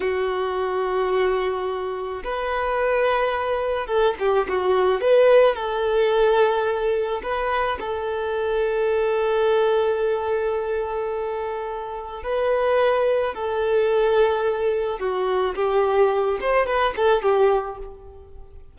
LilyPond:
\new Staff \with { instrumentName = "violin" } { \time 4/4 \tempo 4 = 108 fis'1 | b'2. a'8 g'8 | fis'4 b'4 a'2~ | a'4 b'4 a'2~ |
a'1~ | a'2 b'2 | a'2. fis'4 | g'4. c''8 b'8 a'8 g'4 | }